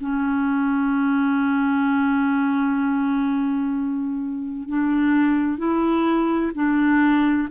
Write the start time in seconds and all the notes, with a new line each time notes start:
0.00 C#4
4.69 D4
5.58 E4
6.55 D4